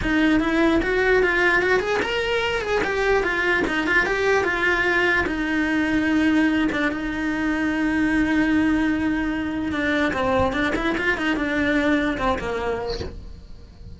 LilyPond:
\new Staff \with { instrumentName = "cello" } { \time 4/4 \tempo 4 = 148 dis'4 e'4 fis'4 f'4 | fis'8 gis'8 ais'4. gis'8 g'4 | f'4 dis'8 f'8 g'4 f'4~ | f'4 dis'2.~ |
dis'8 d'8 dis'2.~ | dis'1 | d'4 c'4 d'8 e'8 f'8 dis'8 | d'2 c'8 ais4. | }